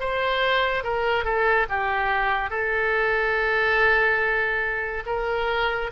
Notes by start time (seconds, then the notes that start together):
0.00 C5
0.83 A#4
1.24 A4
1.69 G4
2.50 A4
5.06 A#4